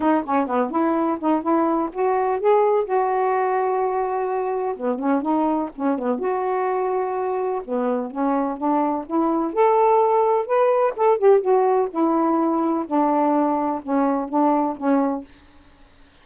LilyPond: \new Staff \with { instrumentName = "saxophone" } { \time 4/4 \tempo 4 = 126 dis'8 cis'8 b8 e'4 dis'8 e'4 | fis'4 gis'4 fis'2~ | fis'2 b8 cis'8 dis'4 | cis'8 b8 fis'2. |
b4 cis'4 d'4 e'4 | a'2 b'4 a'8 g'8 | fis'4 e'2 d'4~ | d'4 cis'4 d'4 cis'4 | }